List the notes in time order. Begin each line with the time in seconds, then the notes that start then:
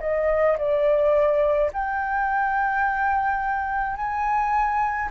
0.00 D#5
0.58 D5
1.73 G5
3.96 G#5